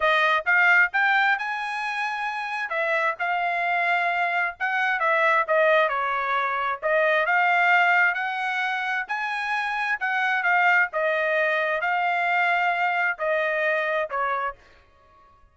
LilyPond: \new Staff \with { instrumentName = "trumpet" } { \time 4/4 \tempo 4 = 132 dis''4 f''4 g''4 gis''4~ | gis''2 e''4 f''4~ | f''2 fis''4 e''4 | dis''4 cis''2 dis''4 |
f''2 fis''2 | gis''2 fis''4 f''4 | dis''2 f''2~ | f''4 dis''2 cis''4 | }